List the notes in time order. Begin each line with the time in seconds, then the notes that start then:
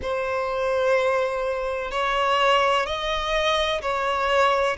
0.02 C5
1.90 C#5
2.86 D#5
3.81 C#5